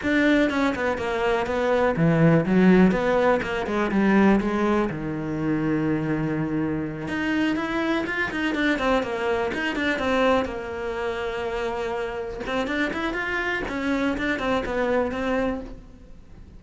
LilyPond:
\new Staff \with { instrumentName = "cello" } { \time 4/4 \tempo 4 = 123 d'4 cis'8 b8 ais4 b4 | e4 fis4 b4 ais8 gis8 | g4 gis4 dis2~ | dis2~ dis8 dis'4 e'8~ |
e'8 f'8 dis'8 d'8 c'8 ais4 dis'8 | d'8 c'4 ais2~ ais8~ | ais4. c'8 d'8 e'8 f'4 | cis'4 d'8 c'8 b4 c'4 | }